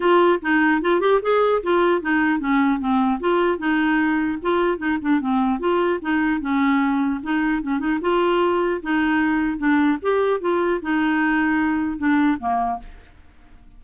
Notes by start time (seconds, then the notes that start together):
0.00 F4
0.41 D#4
0.81 F4
1.00 G4
1.22 G#4
1.62 F4
2.01 D#4
2.39 C#4
2.79 C4
3.20 F4
3.58 D#4
4.42 F4
4.78 D#4
5.01 D4
5.20 C4
5.59 F4
6.01 D#4
6.40 C#4
7.23 D#4
7.62 C#4
7.79 D#4
8.01 F4
8.82 D#4
9.57 D4
10.01 G4
10.40 F4
10.81 D#4
11.97 D4
12.39 A#3